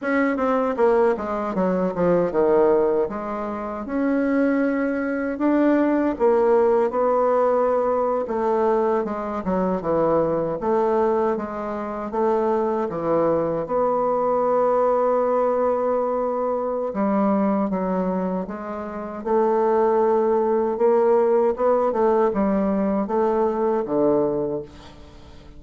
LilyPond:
\new Staff \with { instrumentName = "bassoon" } { \time 4/4 \tempo 4 = 78 cis'8 c'8 ais8 gis8 fis8 f8 dis4 | gis4 cis'2 d'4 | ais4 b4.~ b16 a4 gis16~ | gis16 fis8 e4 a4 gis4 a16~ |
a8. e4 b2~ b16~ | b2 g4 fis4 | gis4 a2 ais4 | b8 a8 g4 a4 d4 | }